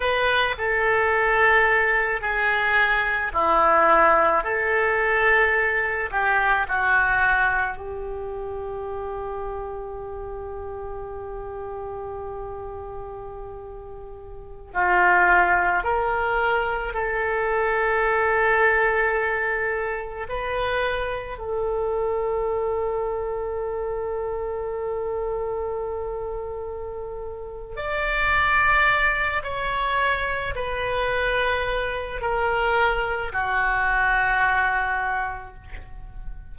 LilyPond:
\new Staff \with { instrumentName = "oboe" } { \time 4/4 \tempo 4 = 54 b'8 a'4. gis'4 e'4 | a'4. g'8 fis'4 g'4~ | g'1~ | g'4~ g'16 f'4 ais'4 a'8.~ |
a'2~ a'16 b'4 a'8.~ | a'1~ | a'4 d''4. cis''4 b'8~ | b'4 ais'4 fis'2 | }